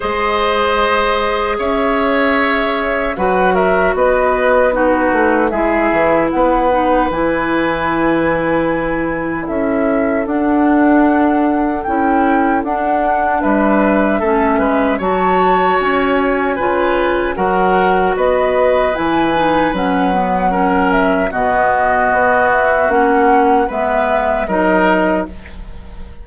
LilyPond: <<
  \new Staff \with { instrumentName = "flute" } { \time 4/4 \tempo 4 = 76 dis''2 e''2 | fis''8 e''8 dis''4 b'4 e''4 | fis''4 gis''2. | e''4 fis''2 g''4 |
fis''4 e''2 a''4 | gis''2 fis''4 dis''4 | gis''4 fis''4. e''8 dis''4~ | dis''8 e''8 fis''4 e''4 dis''4 | }
  \new Staff \with { instrumentName = "oboe" } { \time 4/4 c''2 cis''2 | b'8 ais'8 b'4 fis'4 gis'4 | b'1 | a'1~ |
a'4 b'4 a'8 b'8 cis''4~ | cis''4 b'4 ais'4 b'4~ | b'2 ais'4 fis'4~ | fis'2 b'4 ais'4 | }
  \new Staff \with { instrumentName = "clarinet" } { \time 4/4 gis'1 | fis'2 dis'4 e'4~ | e'8 dis'8 e'2.~ | e'4 d'2 e'4 |
d'2 cis'4 fis'4~ | fis'4 f'4 fis'2 | e'8 dis'8 cis'8 b8 cis'4 b4~ | b4 cis'4 b4 dis'4 | }
  \new Staff \with { instrumentName = "bassoon" } { \time 4/4 gis2 cis'2 | fis4 b4. a8 gis8 e8 | b4 e2. | cis'4 d'2 cis'4 |
d'4 g4 a8 gis8 fis4 | cis'4 cis4 fis4 b4 | e4 fis2 b,4 | b4 ais4 gis4 fis4 | }
>>